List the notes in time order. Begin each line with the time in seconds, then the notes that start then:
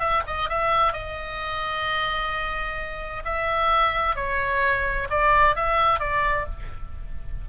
0.00 E5
0.27 D#5
0.50 E5
0.93 D#5
3.25 E5
4.16 C#5
5.10 D5
5.56 E5
6.00 D5